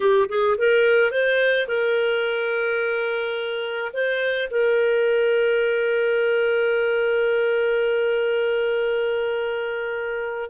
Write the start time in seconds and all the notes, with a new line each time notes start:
0.00 G4
0.28 G#4
0.57 A#4
1.11 C5
1.67 A#4
3.93 C5
4.50 A#4